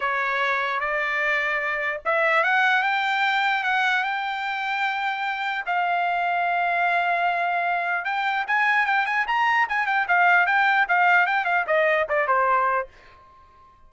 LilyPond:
\new Staff \with { instrumentName = "trumpet" } { \time 4/4 \tempo 4 = 149 cis''2 d''2~ | d''4 e''4 fis''4 g''4~ | g''4 fis''4 g''2~ | g''2 f''2~ |
f''1 | g''4 gis''4 g''8 gis''8 ais''4 | gis''8 g''8 f''4 g''4 f''4 | g''8 f''8 dis''4 d''8 c''4. | }